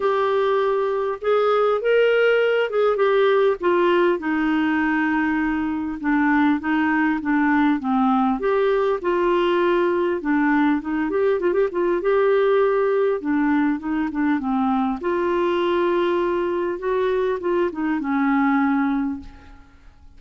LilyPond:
\new Staff \with { instrumentName = "clarinet" } { \time 4/4 \tempo 4 = 100 g'2 gis'4 ais'4~ | ais'8 gis'8 g'4 f'4 dis'4~ | dis'2 d'4 dis'4 | d'4 c'4 g'4 f'4~ |
f'4 d'4 dis'8 g'8 f'16 g'16 f'8 | g'2 d'4 dis'8 d'8 | c'4 f'2. | fis'4 f'8 dis'8 cis'2 | }